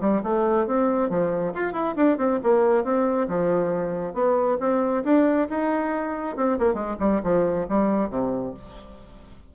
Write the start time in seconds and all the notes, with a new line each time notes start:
0.00 G3
0.23 A3
0.66 C4
1.09 F3
1.54 F4
1.73 E4
1.96 D4
2.18 C4
2.43 A#3
2.84 C4
3.28 F3
4.13 B3
4.60 C4
5.04 D4
5.49 D#4
6.36 C4
6.59 A#3
6.74 G#3
6.99 G3
7.23 F3
7.69 G3
8.10 C3